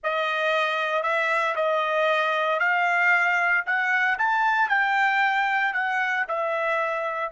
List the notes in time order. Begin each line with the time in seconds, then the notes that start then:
0.03 D#5
1.02 E5
1.55 D#5
2.59 F5
3.65 F#5
4.18 A5
4.68 G5
5.73 F#5
6.28 E5